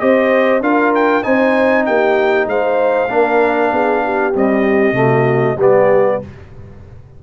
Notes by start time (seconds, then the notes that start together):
0.00 C4 G4 C5 D#5
0.61 D4 F4 A#4 F5
0.95 G5
1.23 C4 D#4 C5 G#5
1.86 A#3 G4 G5
2.47 G#3 C5 F5
3.10 A#3 D4 A#4
3.73 B3 G#4
4.05 G4
4.35 G3 C4 D#5
4.93 C3 A3 F#4
5.57 G3 B3 G4 D5